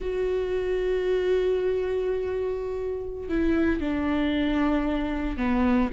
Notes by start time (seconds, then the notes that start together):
0.00 F#4
3.28 E4
3.80 D4
5.37 B3